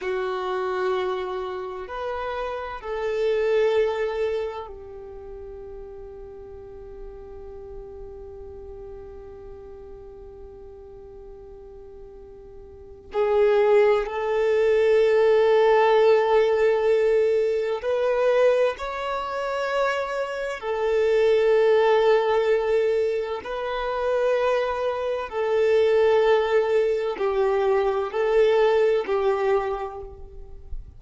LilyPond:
\new Staff \with { instrumentName = "violin" } { \time 4/4 \tempo 4 = 64 fis'2 b'4 a'4~ | a'4 g'2.~ | g'1~ | g'2 gis'4 a'4~ |
a'2. b'4 | cis''2 a'2~ | a'4 b'2 a'4~ | a'4 g'4 a'4 g'4 | }